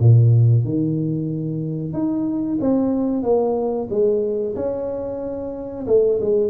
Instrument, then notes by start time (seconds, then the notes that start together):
tuba
0.00 A#2
0.65 D#3
1.93 D#4
2.61 C4
3.23 A#3
3.90 G#3
4.56 C#4
5.87 A3
6.21 G#3